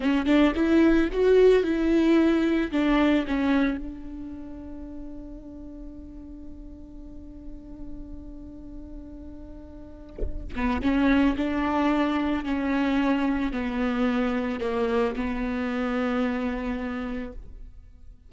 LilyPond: \new Staff \with { instrumentName = "viola" } { \time 4/4 \tempo 4 = 111 cis'8 d'8 e'4 fis'4 e'4~ | e'4 d'4 cis'4 d'4~ | d'1~ | d'1~ |
d'2.~ d'8 b8 | cis'4 d'2 cis'4~ | cis'4 b2 ais4 | b1 | }